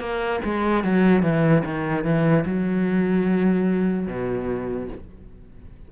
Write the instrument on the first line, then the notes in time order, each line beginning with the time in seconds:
cello
0.00 A#3
0.45 G#3
0.84 F#3
1.23 E3
1.65 D#3
2.05 E3
2.45 F#3
4.07 B2